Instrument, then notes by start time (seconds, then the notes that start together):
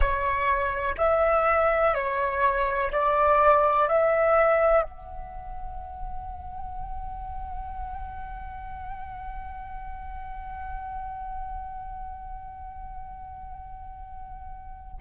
flute
0.00 C#5
0.97 E5
1.94 C#5
2.92 D5
3.88 E5
4.82 F#5